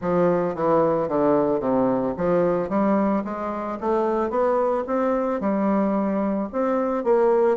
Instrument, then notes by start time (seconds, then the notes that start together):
bassoon
0.01 F3
0.54 E3
1.08 D3
1.60 C3
2.16 F3
2.69 G3
3.24 G#3
3.80 A3
4.30 B3
4.86 C4
5.40 G3
6.52 C4
7.03 A#3